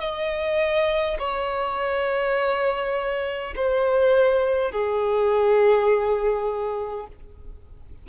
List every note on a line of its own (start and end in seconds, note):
0.00 1.18 D#5
1.19 3.54 C#5
3.56 4.72 C5
4.72 7.07 G#4